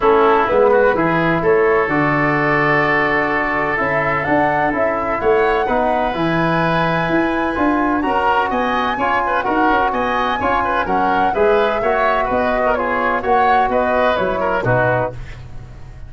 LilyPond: <<
  \new Staff \with { instrumentName = "flute" } { \time 4/4 \tempo 4 = 127 a'4 b'2 cis''4 | d''1 | e''4 fis''4 e''4 fis''4~ | fis''4 gis''2.~ |
gis''4 ais''4 gis''2 | fis''4 gis''2 fis''4 | e''2 dis''4 cis''4 | fis''4 dis''4 cis''4 b'4 | }
  \new Staff \with { instrumentName = "oboe" } { \time 4/4 e'4. fis'8 gis'4 a'4~ | a'1~ | a'2. cis''4 | b'1~ |
b'4 ais'4 dis''4 cis''8 b'8 | ais'4 dis''4 cis''8 b'8 ais'4 | b'4 cis''4 b'8. ais'16 gis'4 | cis''4 b'4. ais'8 fis'4 | }
  \new Staff \with { instrumentName = "trombone" } { \time 4/4 cis'4 b4 e'2 | fis'1 | e'4 d'4 e'2 | dis'4 e'2. |
f'4 fis'2 f'4 | fis'2 f'4 cis'4 | gis'4 fis'2 f'4 | fis'2 e'4 dis'4 | }
  \new Staff \with { instrumentName = "tuba" } { \time 4/4 a4 gis4 e4 a4 | d1 | cis'4 d'4 cis'4 a4 | b4 e2 e'4 |
d'4 cis'4 b4 cis'4 | dis'8 cis'8 b4 cis'4 fis4 | gis4 ais4 b2 | ais4 b4 fis4 b,4 | }
>>